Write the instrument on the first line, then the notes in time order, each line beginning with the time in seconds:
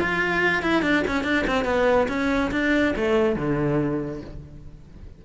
cello
0.00 F4
0.62 E4
0.83 D4
1.08 C#4
1.24 D4
1.47 C4
1.65 B3
2.09 C#4
2.52 D4
2.97 A3
3.36 D3